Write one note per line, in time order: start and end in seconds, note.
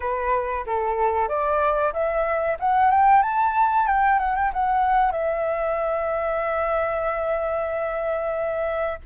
0.00 0.65 B4
0.66 1.28 A4
1.28 1.92 D5
1.93 2.57 E5
2.59 2.90 F#5
2.90 3.22 G5
3.22 3.87 A5
3.87 4.19 G5
4.19 4.35 F#5
4.35 4.51 G5
4.53 5.11 F#5
5.11 8.99 E5